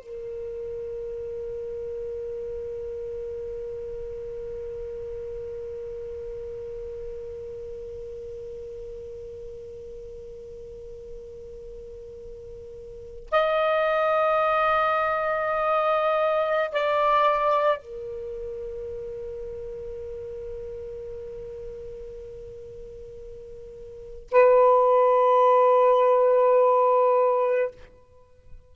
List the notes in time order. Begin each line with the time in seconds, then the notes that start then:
0.00 A#4
13.31 D#5
16.72 D5
17.78 A#4
24.31 B4